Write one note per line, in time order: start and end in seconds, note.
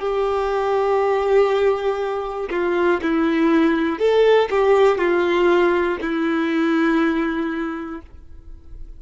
0.00 2.50 G4
2.51 3.01 F4
3.03 3.99 E4
3.99 4.49 A4
4.50 4.98 G4
4.98 5.98 F4
6.02 8.02 E4